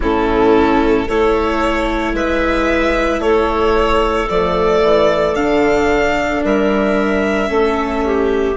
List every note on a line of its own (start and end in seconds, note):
0.00 1.07 A2
0.00 1.08 C#4
0.00 1.07 E4
0.00 1.08 A4
1.07 2.13 A3
1.07 4.30 E4
1.07 2.14 A4
1.07 2.15 C#5
2.13 3.19 G#3
2.13 3.21 B4
2.13 3.21 E5
3.19 4.26 A3
3.19 6.43 A4
3.19 4.28 C#5
4.29 4.82 F3
4.29 5.37 A3
4.29 5.34 D5
4.82 5.34 E3
5.34 6.41 D3
5.34 7.47 D4
5.34 6.42 F5
6.44 7.50 G3
6.44 7.49 A#4
6.44 8.56 E5
7.47 8.56 A3
7.47 8.54 C#4
7.47 8.03 A4
8.05 8.56 G4